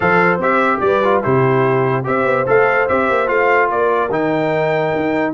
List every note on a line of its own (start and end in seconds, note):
0.00 0.37 F3
0.00 0.38 A4
0.00 0.80 C5
0.00 0.39 F5
0.37 0.79 C4
0.37 1.03 G4
0.37 0.80 E5
0.80 1.22 G3
0.80 1.23 B4
0.80 1.21 D5
1.03 1.23 F4
1.23 2.07 C3
1.23 2.04 E4
1.23 2.06 G4
1.23 2.05 C5
2.04 2.24 C4
2.04 2.45 G4
2.04 3.71 C5
2.04 2.47 E5
2.24 2.44 B3
2.46 2.89 A3
2.46 2.87 A4
2.46 2.88 F5
2.88 3.09 C4
2.88 3.27 G4
2.88 3.28 E5
3.09 3.29 A#3
3.27 3.70 A3
3.27 4.09 F4
3.27 3.69 F5
3.70 4.10 A#3
3.70 5.33 A#4
3.70 4.11 D5
4.10 4.92 D#3
4.10 5.33 D#4
4.10 5.33 G5
4.95 5.33 D#4